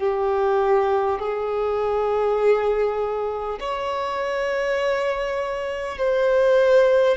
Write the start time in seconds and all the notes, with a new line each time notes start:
0.00 G4
1.20 G#4
3.61 C#5
5.99 C5